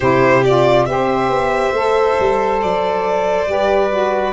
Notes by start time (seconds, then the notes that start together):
0.00 C3 E4 G4 C5
0.44 F4 D5
0.85 C4 G4 C5 E5
1.29 B3
1.72 A3 A4
2.19 G3
2.61 F#3 D5
3.45 G3 G4 B4
3.91 F#4